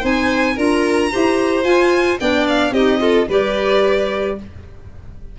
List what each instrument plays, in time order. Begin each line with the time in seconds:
0.00 tuba C4, clarinet D#4, violin C5 G#5
0.55 tuba D4, clarinet F4, violin A#4 A#5
1.11 tuba E4, clarinet G4, violin C5
1.63 tuba F4, clarinet F4, violin G#5
2.19 tuba B3, clarinet D4, violin D5 G5
2.48 violin F5
2.71 tuba C4, clarinet D#4, violin G4 D#5
2.99 clarinet F4, violin A4
3.28 tuba G3, clarinet G4, violin B4 D5